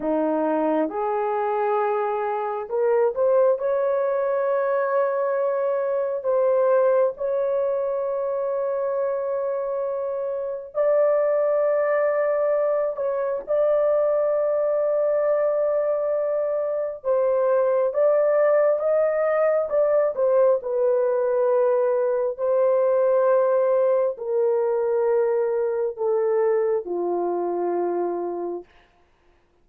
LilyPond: \new Staff \with { instrumentName = "horn" } { \time 4/4 \tempo 4 = 67 dis'4 gis'2 ais'8 c''8 | cis''2. c''4 | cis''1 | d''2~ d''8 cis''8 d''4~ |
d''2. c''4 | d''4 dis''4 d''8 c''8 b'4~ | b'4 c''2 ais'4~ | ais'4 a'4 f'2 | }